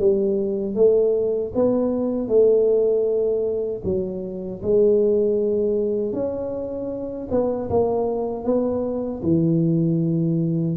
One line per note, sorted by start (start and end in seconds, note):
0.00 0.76 G3
0.76 1.53 A3
1.55 2.28 B3
2.28 3.82 A3
3.85 4.62 F#3
4.63 6.13 G#3
6.13 7.28 C#4
7.31 7.70 B3
7.70 8.45 A#3
8.45 9.22 B3
9.23 10.77 E3